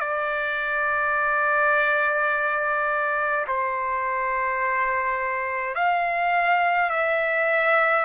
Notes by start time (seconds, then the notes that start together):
0.00 D5
3.48 C5
5.75 F5
6.90 E5